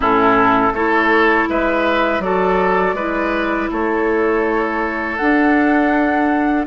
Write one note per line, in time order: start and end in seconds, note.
0.00 0.72 A2
0.00 0.73 C#4
0.00 0.72 E4
0.00 0.74 A4
0.72 1.46 A3
0.72 2.22 E4
0.72 1.48 A4
0.72 1.48 C#5
1.49 2.19 G#3
1.49 2.23 B4
1.49 2.21 E5
2.19 2.93 F#3
2.19 2.96 F#4
2.19 2.95 A4
2.19 3.69 D5
2.93 3.67 G#3
2.93 5.18 E4
2.93 3.69 B4
3.71 5.19 A3
3.71 6.66 A4
3.71 5.16 C#5
5.16 6.66 D4
5.16 6.65 F#5